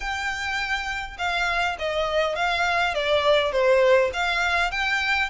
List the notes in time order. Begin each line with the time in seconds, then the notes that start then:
0.00 G5
1.17 F5
1.78 D#5
2.35 F5
2.94 D5
3.51 C5
4.13 F5
4.71 G5